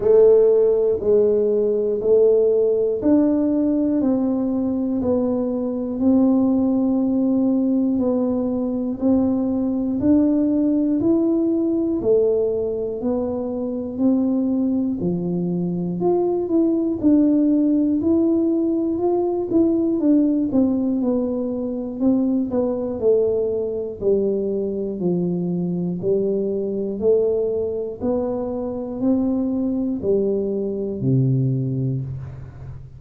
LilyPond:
\new Staff \with { instrumentName = "tuba" } { \time 4/4 \tempo 4 = 60 a4 gis4 a4 d'4 | c'4 b4 c'2 | b4 c'4 d'4 e'4 | a4 b4 c'4 f4 |
f'8 e'8 d'4 e'4 f'8 e'8 | d'8 c'8 b4 c'8 b8 a4 | g4 f4 g4 a4 | b4 c'4 g4 c4 | }